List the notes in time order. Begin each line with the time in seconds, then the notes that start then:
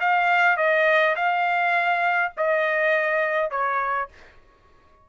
0.00 F5
0.57 D#5
1.16 F5
2.37 D#5
3.51 C#5